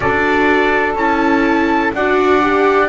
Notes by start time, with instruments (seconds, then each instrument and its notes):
0.00 double bass D4, viola F#4, saxophone A4, trumpet D5
0.95 double bass C#4, viola E4, trumpet A5
1.93 double bass D4, viola F#4, saxophone D5, trumpet F#5
2.41 viola G4